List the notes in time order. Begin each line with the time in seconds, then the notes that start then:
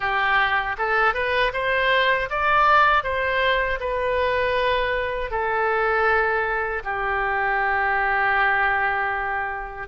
0.00 G4
0.78 A4
1.14 B4
1.53 C5
2.30 D5
3.03 C5
3.80 B4
5.30 A4
6.84 G4